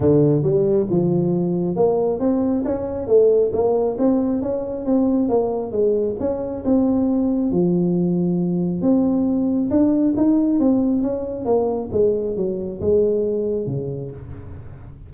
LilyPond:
\new Staff \with { instrumentName = "tuba" } { \time 4/4 \tempo 4 = 136 d4 g4 f2 | ais4 c'4 cis'4 a4 | ais4 c'4 cis'4 c'4 | ais4 gis4 cis'4 c'4~ |
c'4 f2. | c'2 d'4 dis'4 | c'4 cis'4 ais4 gis4 | fis4 gis2 cis4 | }